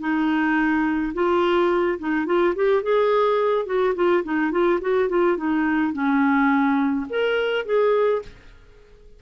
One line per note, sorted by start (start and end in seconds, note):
0.00 1.13 D#4
1.14 1.99 F4
1.99 2.26 D#4
2.26 2.54 F4
2.56 2.83 G4
2.83 3.66 G#4
3.66 3.94 F#4
3.95 4.24 F4
4.24 4.52 D#4
4.52 4.80 F4
4.81 5.09 F#4
5.09 5.37 F4
5.37 5.93 D#4
5.93 7.07 C#4
7.10 7.66 A#4
7.66 8.22 G#4